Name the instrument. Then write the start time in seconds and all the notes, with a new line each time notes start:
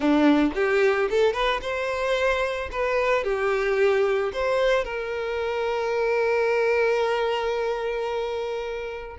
violin
0.00 D4
0.54 G4
1.10 A4
1.33 B4
1.61 C5
2.71 B4
3.24 G4
4.32 C5
4.84 A#4